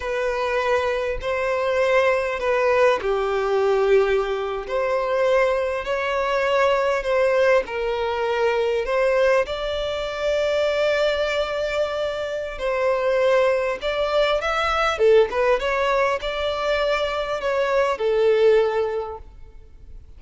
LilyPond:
\new Staff \with { instrumentName = "violin" } { \time 4/4 \tempo 4 = 100 b'2 c''2 | b'4 g'2~ g'8. c''16~ | c''4.~ c''16 cis''2 c''16~ | c''8. ais'2 c''4 d''16~ |
d''1~ | d''4 c''2 d''4 | e''4 a'8 b'8 cis''4 d''4~ | d''4 cis''4 a'2 | }